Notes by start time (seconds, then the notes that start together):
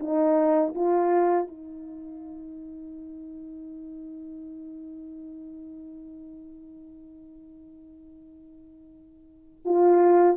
0.00 D#4
0.75 F4
1.47 D#4
9.65 F4